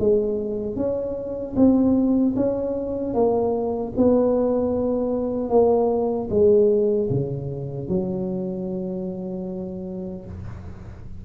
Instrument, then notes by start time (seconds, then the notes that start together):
tuba
0.00 G#3
0.76 C#4
1.56 C4
2.36 C#4
3.14 A#3
3.97 B3
5.50 A#3
6.31 G#3
7.11 C#3
7.89 F#3